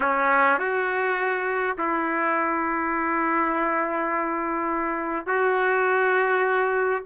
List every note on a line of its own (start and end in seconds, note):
0.00 0.59 C#4
0.59 1.76 F#4
1.78 5.26 E4
5.26 7.02 F#4